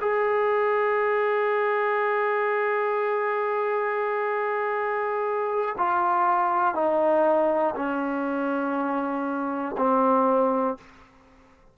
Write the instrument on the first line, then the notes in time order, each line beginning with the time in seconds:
trombone
0.00 G#4
5.77 F4
6.74 D#4
7.75 C#4
9.77 C4